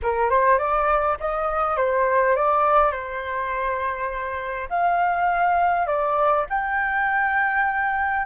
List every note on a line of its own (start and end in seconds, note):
0.02 0.30 A#4
0.30 0.58 C5
0.58 1.17 D5
1.20 1.76 D#5
1.76 2.35 C5
2.35 2.91 D5
2.91 4.68 C5
4.69 5.87 F5
5.87 6.45 D5
6.49 8.25 G5